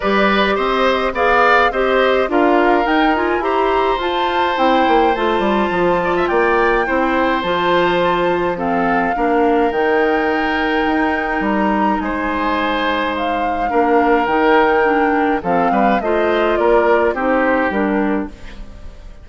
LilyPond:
<<
  \new Staff \with { instrumentName = "flute" } { \time 4/4 \tempo 4 = 105 d''4 dis''4 f''4 dis''4 | f''4 g''8 gis''8 ais''4 a''4 | g''4 a''2 g''4~ | g''4 a''2 f''4~ |
f''4 g''2. | ais''4 gis''2 f''4~ | f''4 g''2 f''4 | dis''4 d''4 c''4 ais'4 | }
  \new Staff \with { instrumentName = "oboe" } { \time 4/4 b'4 c''4 d''4 c''4 | ais'2 c''2~ | c''2~ c''8 d''16 e''16 d''4 | c''2. a'4 |
ais'1~ | ais'4 c''2. | ais'2. a'8 b'8 | c''4 ais'4 g'2 | }
  \new Staff \with { instrumentName = "clarinet" } { \time 4/4 g'2 gis'4 g'4 | f'4 dis'8 f'8 g'4 f'4 | e'4 f'2. | e'4 f'2 c'4 |
d'4 dis'2.~ | dis'1 | d'4 dis'4 d'4 c'4 | f'2 dis'4 d'4 | }
  \new Staff \with { instrumentName = "bassoon" } { \time 4/4 g4 c'4 b4 c'4 | d'4 dis'4 e'4 f'4 | c'8 ais8 a8 g8 f4 ais4 | c'4 f2. |
ais4 dis2 dis'4 | g4 gis2. | ais4 dis2 f8 g8 | a4 ais4 c'4 g4 | }
>>